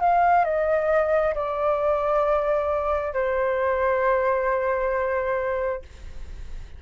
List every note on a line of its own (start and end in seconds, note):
0.00 0.44 F5
0.44 1.34 D#5
1.34 3.13 D5
3.13 5.82 C5